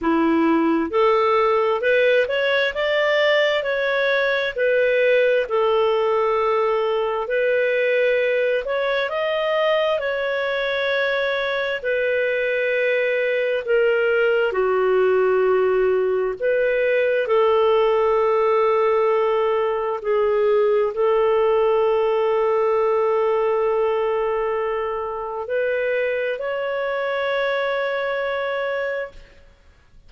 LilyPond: \new Staff \with { instrumentName = "clarinet" } { \time 4/4 \tempo 4 = 66 e'4 a'4 b'8 cis''8 d''4 | cis''4 b'4 a'2 | b'4. cis''8 dis''4 cis''4~ | cis''4 b'2 ais'4 |
fis'2 b'4 a'4~ | a'2 gis'4 a'4~ | a'1 | b'4 cis''2. | }